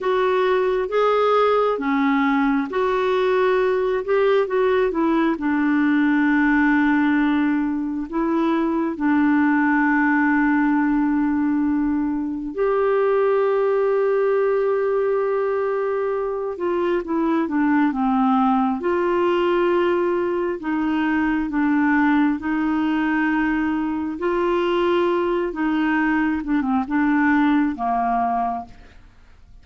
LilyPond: \new Staff \with { instrumentName = "clarinet" } { \time 4/4 \tempo 4 = 67 fis'4 gis'4 cis'4 fis'4~ | fis'8 g'8 fis'8 e'8 d'2~ | d'4 e'4 d'2~ | d'2 g'2~ |
g'2~ g'8 f'8 e'8 d'8 | c'4 f'2 dis'4 | d'4 dis'2 f'4~ | f'8 dis'4 d'16 c'16 d'4 ais4 | }